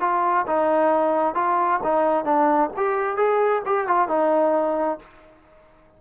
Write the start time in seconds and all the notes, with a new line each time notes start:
0.00 F4
0.47 D#4
1.35 F4
1.83 D#4
2.24 D4
2.76 G4
3.16 G#4
3.65 G4
3.87 F4
4.08 D#4